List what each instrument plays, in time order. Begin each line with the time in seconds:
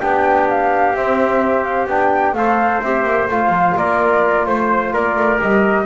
0.00 double bass B3, trombone D4, trumpet G4, flute G5
0.49 flute F5
0.95 trombone C4, double bass C4, flute E5
1.63 flute F5
1.86 double bass B3, trombone D4, flute G5
2.33 double bass A3, trombone A4, trumpet C5, flute F5
2.81 double bass C4, trombone G4, flute E5
3.04 double bass A#3
3.28 double bass A3, trombone F4, flute F5
3.49 double bass F3
3.77 double bass A#3, trumpet A#4, flute D5
4.45 double bass A3, flute C5, trumpet C5
4.93 double bass A#3, trumpet A#4, flute D5
5.16 double bass A3
5.39 double bass G3, trombone G4, flute D#5